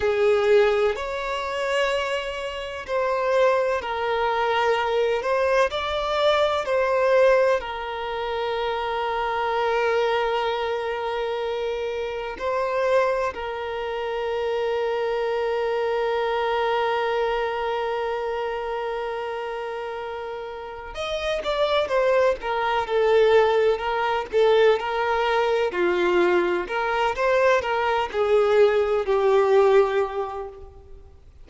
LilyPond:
\new Staff \with { instrumentName = "violin" } { \time 4/4 \tempo 4 = 63 gis'4 cis''2 c''4 | ais'4. c''8 d''4 c''4 | ais'1~ | ais'4 c''4 ais'2~ |
ais'1~ | ais'2 dis''8 d''8 c''8 ais'8 | a'4 ais'8 a'8 ais'4 f'4 | ais'8 c''8 ais'8 gis'4 g'4. | }